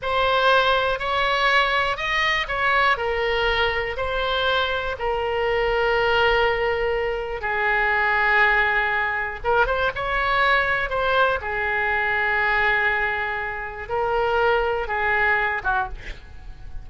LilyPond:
\new Staff \with { instrumentName = "oboe" } { \time 4/4 \tempo 4 = 121 c''2 cis''2 | dis''4 cis''4 ais'2 | c''2 ais'2~ | ais'2. gis'4~ |
gis'2. ais'8 c''8 | cis''2 c''4 gis'4~ | gis'1 | ais'2 gis'4. fis'8 | }